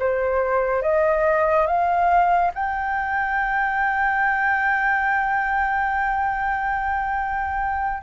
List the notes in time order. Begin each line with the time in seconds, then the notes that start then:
0.00 C5
0.83 D#5
1.67 F5
2.55 G5